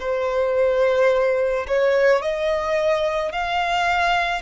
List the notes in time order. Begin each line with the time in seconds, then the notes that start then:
0.00 C5
1.68 C#5
2.22 D#5
3.33 F5